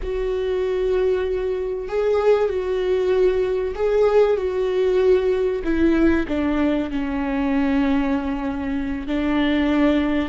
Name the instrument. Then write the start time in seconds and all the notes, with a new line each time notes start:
viola
0.02 F#4
1.88 G#4
2.49 F#4
3.75 G#4
4.37 F#4
5.64 E4
6.28 D4
6.90 C#4
9.07 D4